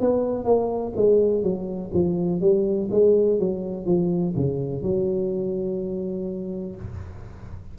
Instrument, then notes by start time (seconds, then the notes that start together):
tuba
0.00 B3
0.44 A#3
0.96 G#3
1.43 F#3
1.94 F3
2.41 G3
2.90 G#3
3.39 F#3
3.85 F3
4.36 C#3
4.82 F#3